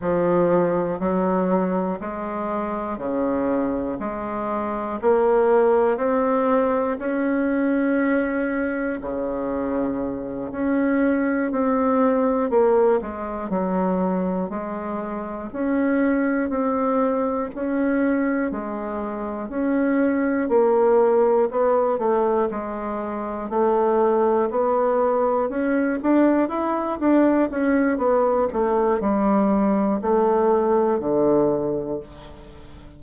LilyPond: \new Staff \with { instrumentName = "bassoon" } { \time 4/4 \tempo 4 = 60 f4 fis4 gis4 cis4 | gis4 ais4 c'4 cis'4~ | cis'4 cis4. cis'4 c'8~ | c'8 ais8 gis8 fis4 gis4 cis'8~ |
cis'8 c'4 cis'4 gis4 cis'8~ | cis'8 ais4 b8 a8 gis4 a8~ | a8 b4 cis'8 d'8 e'8 d'8 cis'8 | b8 a8 g4 a4 d4 | }